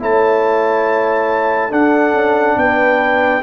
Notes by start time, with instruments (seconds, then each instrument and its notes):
0.00 tuba A3, trombone E4, horn C#5, trumpet A5
1.70 trombone D4, tuba D4, horn A4, trumpet F#5
2.13 tuba C#4
2.57 tuba B3, horn B4, trumpet G5